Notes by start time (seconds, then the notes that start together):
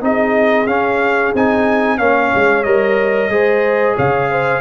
0.00 C4 D#4 G#4 D#5
0.66 C#4 F5
1.34 C4 D#4 G#5
1.98 A#3 C#4 C#5 F5
2.35 G#3
2.63 G3 A#4 D#5
3.28 G#3 G#4 C5
3.96 C#3 C#5 F5
4.30 C5